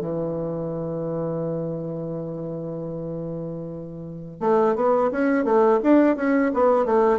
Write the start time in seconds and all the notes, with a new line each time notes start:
0.00 E3
4.40 A3
4.76 B3
5.11 C#4
5.45 A3
5.83 D4
6.16 C#4
6.54 B3
6.86 A3